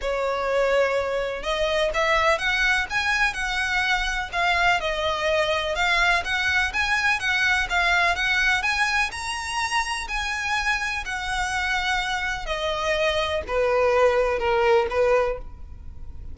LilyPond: \new Staff \with { instrumentName = "violin" } { \time 4/4 \tempo 4 = 125 cis''2. dis''4 | e''4 fis''4 gis''4 fis''4~ | fis''4 f''4 dis''2 | f''4 fis''4 gis''4 fis''4 |
f''4 fis''4 gis''4 ais''4~ | ais''4 gis''2 fis''4~ | fis''2 dis''2 | b'2 ais'4 b'4 | }